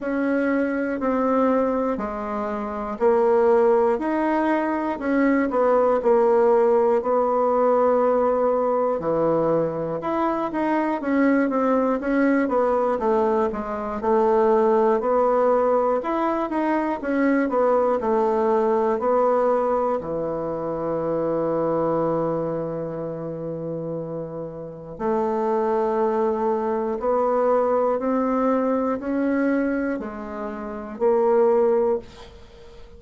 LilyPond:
\new Staff \with { instrumentName = "bassoon" } { \time 4/4 \tempo 4 = 60 cis'4 c'4 gis4 ais4 | dis'4 cis'8 b8 ais4 b4~ | b4 e4 e'8 dis'8 cis'8 c'8 | cis'8 b8 a8 gis8 a4 b4 |
e'8 dis'8 cis'8 b8 a4 b4 | e1~ | e4 a2 b4 | c'4 cis'4 gis4 ais4 | }